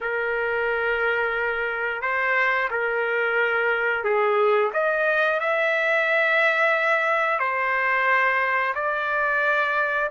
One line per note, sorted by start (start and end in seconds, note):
0.00 2.01 A#4
2.01 2.68 C5
2.70 4.04 A#4
4.04 4.71 G#4
4.73 5.40 D#5
5.40 7.39 E5
7.39 8.74 C5
8.75 10.09 D5